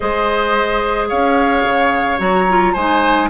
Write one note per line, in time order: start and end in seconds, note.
0.00 1.11 G#3
0.00 2.17 G#4
0.00 1.08 C5
0.00 1.06 D#5
1.08 1.63 C#4
1.08 2.73 C#5
1.08 2.19 F5
1.63 2.18 C#3
2.18 2.74 F#3
2.18 2.45 F#4
2.18 2.74 A#5
2.48 2.76 F4
2.73 3.30 G#3
2.73 3.30 D#4
2.73 3.28 C5
2.73 3.29 G#5